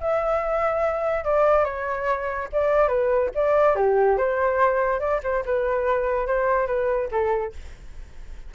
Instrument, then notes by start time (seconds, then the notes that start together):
flute
0.00 E5
1.24 D5
1.64 C#5
2.52 D5
2.88 B4
3.35 D5
3.75 G4
4.17 C5
4.99 D5
5.23 C5
5.45 B4
6.27 C5
6.67 B4
7.11 A4